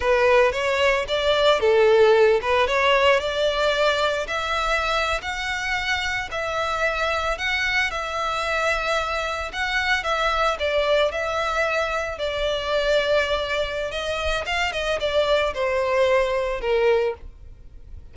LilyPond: \new Staff \with { instrumentName = "violin" } { \time 4/4 \tempo 4 = 112 b'4 cis''4 d''4 a'4~ | a'8 b'8 cis''4 d''2 | e''4.~ e''16 fis''2 e''16~ | e''4.~ e''16 fis''4 e''4~ e''16~ |
e''4.~ e''16 fis''4 e''4 d''16~ | d''8. e''2 d''4~ d''16~ | d''2 dis''4 f''8 dis''8 | d''4 c''2 ais'4 | }